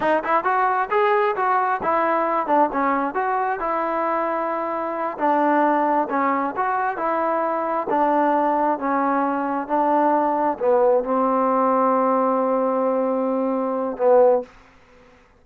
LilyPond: \new Staff \with { instrumentName = "trombone" } { \time 4/4 \tempo 4 = 133 dis'8 e'8 fis'4 gis'4 fis'4 | e'4. d'8 cis'4 fis'4 | e'2.~ e'8 d'8~ | d'4. cis'4 fis'4 e'8~ |
e'4. d'2 cis'8~ | cis'4. d'2 b8~ | b8 c'2.~ c'8~ | c'2. b4 | }